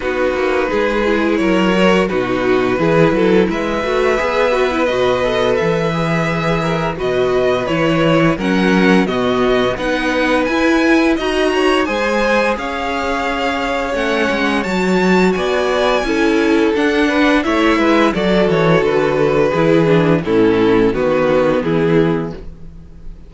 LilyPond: <<
  \new Staff \with { instrumentName = "violin" } { \time 4/4 \tempo 4 = 86 b'2 cis''4 b'4~ | b'4 e''2 dis''4 | e''2 dis''4 cis''4 | fis''4 dis''4 fis''4 gis''4 |
ais''4 gis''4 f''2 | fis''4 a''4 gis''2 | fis''4 e''4 d''8 cis''8 b'4~ | b'4 a'4 b'4 gis'4 | }
  \new Staff \with { instrumentName = "violin" } { \time 4/4 fis'4 gis'4 ais'4 fis'4 | gis'8 a'8 b'2.~ | b'4. ais'8 b'2 | ais'4 fis'4 b'2 |
dis''8 cis''8 c''4 cis''2~ | cis''2 d''4 a'4~ | a'8 b'8 cis''8 b'8 a'2 | gis'4 e'4 fis'4 e'4 | }
  \new Staff \with { instrumentName = "viola" } { \time 4/4 dis'4. e'4 fis'8 dis'4 | e'4. fis'8 gis'8 fis'16 e'16 fis'8 a'8~ | a'8 gis'4. fis'4 e'4 | cis'4 b4 dis'4 e'4 |
fis'4 gis'2. | cis'4 fis'2 e'4 | d'4 e'4 fis'2 | e'8 d'8 cis'4 b2 | }
  \new Staff \with { instrumentName = "cello" } { \time 4/4 b8 ais8 gis4 fis4 b,4 | e8 fis8 gis8 a8 b4 b,4 | e2 b,4 e4 | fis4 b,4 b4 e'4 |
dis'4 gis4 cis'2 | a8 gis8 fis4 b4 cis'4 | d'4 a8 gis8 fis8 e8 d4 | e4 a,4 dis4 e4 | }
>>